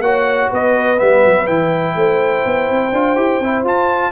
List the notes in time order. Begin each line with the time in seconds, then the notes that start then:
0.00 A#3 F#4 C#5 F#5
0.51 B3 B4 D#5
0.98 G3 B3 E5
1.26 F#3
1.47 E3 E4 G5
1.96 A3 C5
2.46 B3
2.70 C4
2.93 D4 F4
3.16 E4 G4
3.40 C4 E4
3.64 F4 A5